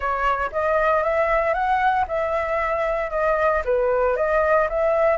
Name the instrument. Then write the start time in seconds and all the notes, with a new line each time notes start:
flute
0.00 C#5
0.51 D#5
1.03 E5
1.53 F#5
2.07 E5
3.10 D#5
3.64 B4
4.16 D#5
4.69 E5